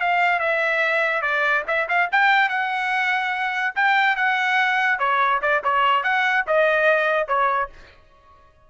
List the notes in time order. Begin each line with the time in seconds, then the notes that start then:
0.00 F5
0.39 E5
1.22 D5
1.67 E5
1.88 F5
2.11 G5
2.49 F#5
3.75 G5
4.16 F#5
4.99 C#5
5.42 D5
5.63 C#5
6.03 F#5
6.47 D#5
7.28 C#5